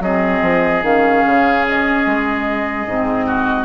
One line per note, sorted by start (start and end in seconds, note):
0.00 0.41 F#3
0.00 0.84 C4
0.00 3.26 G#4
0.00 0.84 D#5
0.43 0.83 F3
0.83 1.23 D#3
0.83 2.87 C#4
0.83 1.66 F5
1.26 2.06 C#3
1.68 3.65 D#5
2.06 2.86 G#3
2.86 3.65 G#2
2.86 3.65 C4
3.26 3.65 F#4